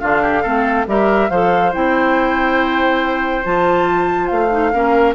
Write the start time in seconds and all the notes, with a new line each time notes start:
0.00 D3 D4 F4 F5
0.22 G4
0.43 A3 C4 A4
0.87 G3 G4 A#4 E5
1.30 F3 A4 C5 F5
1.73 C4 E4 G5
3.44 F3 F4 A5
4.27 A3 F5
4.50 D#4
4.74 A#3 C#4 A#4